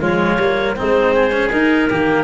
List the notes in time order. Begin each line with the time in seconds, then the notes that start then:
0.00 F3 G#3 F4 C#5
0.37 G3 A#3
0.75 G#3 C4 D#4 C5
1.15 G#4
1.31 C#4
1.50 D#4 A#4
1.89 D#3 A#3 G4